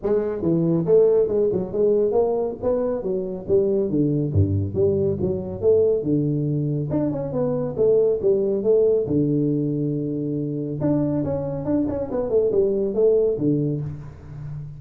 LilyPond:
\new Staff \with { instrumentName = "tuba" } { \time 4/4 \tempo 4 = 139 gis4 e4 a4 gis8 fis8 | gis4 ais4 b4 fis4 | g4 d4 g,4 g4 | fis4 a4 d2 |
d'8 cis'8 b4 a4 g4 | a4 d2.~ | d4 d'4 cis'4 d'8 cis'8 | b8 a8 g4 a4 d4 | }